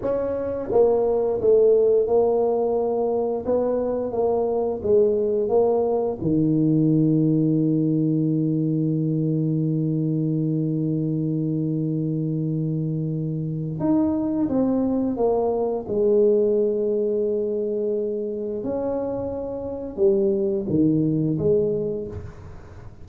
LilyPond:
\new Staff \with { instrumentName = "tuba" } { \time 4/4 \tempo 4 = 87 cis'4 ais4 a4 ais4~ | ais4 b4 ais4 gis4 | ais4 dis2.~ | dis1~ |
dis1 | dis'4 c'4 ais4 gis4~ | gis2. cis'4~ | cis'4 g4 dis4 gis4 | }